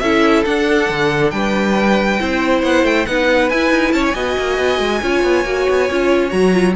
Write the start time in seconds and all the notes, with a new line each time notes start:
0.00 C#4 E4 A4 E5
0.45 D4 F#5
0.90 D3
1.31 G3 B4 G5
2.20 C4 E4 C5
2.63 B3 F#5
2.84 A3 G5
3.06 B3 D#4 B4 F#5
3.50 E4 G#5
3.70 D#4
3.93 C#4 C#5 A5
4.07 G#5
4.14 B3 F#4 D#5
4.38 A#3
4.58 B3
4.79 G#3
5.03 C#4 F4 C#5
5.23 B3
5.45 A#3 F#4
5.70 B3
5.91 C#4 F4
6.30 F#3 F#4 A#5
6.53 F4